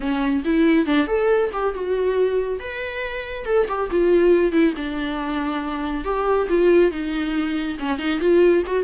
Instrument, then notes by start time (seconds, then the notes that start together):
viola
0.00 C#4
0.44 E4
0.85 D4
1.07 A4
1.52 G4
1.74 F#4
2.59 B4
3.45 A4
3.68 G4
3.90 F4
4.51 E4
4.76 D4
6.04 G4
6.49 F4
6.91 D#4
7.79 C#4
7.98 D#4
8.20 F4
8.66 F#4